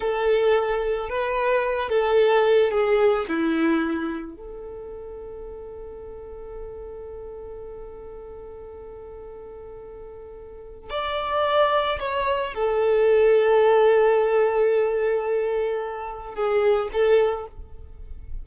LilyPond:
\new Staff \with { instrumentName = "violin" } { \time 4/4 \tempo 4 = 110 a'2 b'4. a'8~ | a'4 gis'4 e'2 | a'1~ | a'1~ |
a'1 | d''2 cis''4 a'4~ | a'1~ | a'2 gis'4 a'4 | }